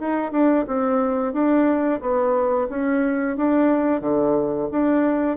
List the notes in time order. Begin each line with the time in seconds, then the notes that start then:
0.00 D#4
0.32 D4
0.68 C4
1.34 D4
2.01 B3
2.70 C#4
3.37 D4
4.01 D3
4.72 D4